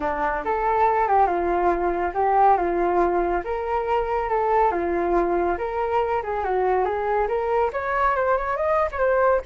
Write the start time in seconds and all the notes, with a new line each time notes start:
0.00 D4
0.44 A4
1.08 G4
1.26 F4
2.14 G4
2.57 F4
3.44 A#4
4.29 A4
4.71 F4
5.58 A#4
6.22 G#4
6.44 F#4
6.84 G#4
7.27 A#4
7.72 C#5
8.15 C5
8.37 C#5
8.56 D#5
8.91 C#5
8.98 C5